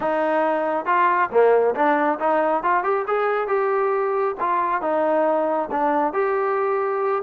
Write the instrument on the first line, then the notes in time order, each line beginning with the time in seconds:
trombone
0.00 D#4
0.85 F4
1.31 A#3
1.75 D4
2.19 D#4
2.63 F4
2.83 G4
3.07 G#4
3.47 G4
4.40 F4
4.81 D#4
5.71 D4
6.13 G4